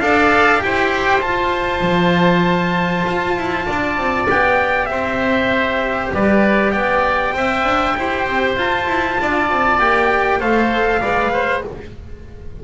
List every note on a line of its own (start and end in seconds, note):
0.00 0.61 D4
0.00 0.59 A4
0.00 0.63 D5
0.00 0.62 F5
0.59 1.22 E4
0.59 1.20 G4
0.59 3.66 C5
0.59 1.21 G5
1.21 4.27 F4
1.21 1.81 F4
1.21 4.27 A5
1.81 3.03 F3
3.07 3.37 F4
3.37 3.67 E4
3.66 3.97 D4
3.66 4.88 D5
3.97 4.28 C4
4.28 4.89 B3
4.28 7.34 G4
4.28 4.86 G5
4.86 6.12 C4
4.86 6.13 C5
4.86 6.08 E5
6.14 6.73 G3
6.14 6.72 B4
6.14 6.71 D5
6.71 7.34 B3
6.71 7.34 D5
6.71 8.55 G5
7.34 7.65 C4
7.34 7.95 C5
7.34 7.98 E5
7.65 7.95 D4
7.96 8.27 E4
7.96 8.57 G4
7.96 9.21 C5
8.27 8.56 C4
8.56 8.86 F4
8.56 9.79 F4
8.56 9.80 A5
8.87 9.18 E4
9.21 9.51 D4
9.21 10.40 D5
9.51 9.79 C4
9.79 10.40 A#3
9.79 10.40 G4
9.79 10.40 G5
10.40 11.01 A3
10.40 11.01 A4
10.40 11.00 C5
10.40 11.63 F5
11.00 11.64 G#3
11.00 11.63 B4
11.00 11.31 D5
11.33 11.63 C5